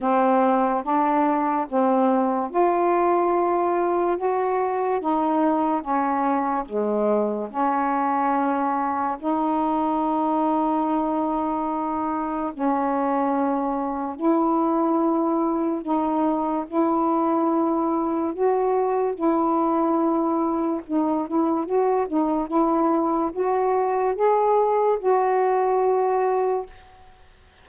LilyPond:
\new Staff \with { instrumentName = "saxophone" } { \time 4/4 \tempo 4 = 72 c'4 d'4 c'4 f'4~ | f'4 fis'4 dis'4 cis'4 | gis4 cis'2 dis'4~ | dis'2. cis'4~ |
cis'4 e'2 dis'4 | e'2 fis'4 e'4~ | e'4 dis'8 e'8 fis'8 dis'8 e'4 | fis'4 gis'4 fis'2 | }